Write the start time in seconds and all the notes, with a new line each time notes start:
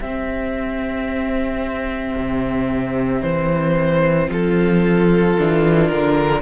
0.00 C4 G4 E5
2.16 C3
3.21 E3 C5
4.28 F3 F4 A4
5.38 E3 D4
5.88 D3 A#4